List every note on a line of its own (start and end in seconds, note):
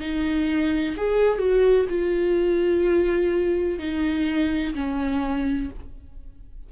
0.00 0.95 D#4
0.97 1.39 G#4
1.39 1.86 F#4
1.89 3.79 F4
3.79 4.74 D#4
4.74 5.70 C#4